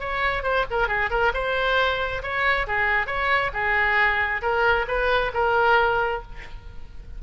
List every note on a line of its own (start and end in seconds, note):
0.00 0.43 C#5
0.43 0.65 C5
0.71 0.88 A#4
0.88 1.10 G#4
1.10 1.32 A#4
1.34 2.22 C5
2.23 2.67 C#5
2.67 3.07 G#4
3.07 3.51 C#5
3.54 4.42 G#4
4.42 4.86 A#4
4.88 5.32 B4
5.34 6.22 A#4